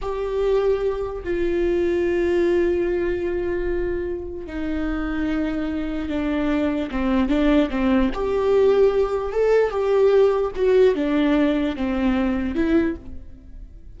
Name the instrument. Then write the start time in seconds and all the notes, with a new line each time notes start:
viola
0.01 G4
1.23 F4
4.46 D#4
6.09 D4
6.90 C4
7.29 D4
7.69 C4
8.14 G4
9.32 A4
9.70 G4
10.55 F#4
10.94 D4
11.76 C4
12.55 E4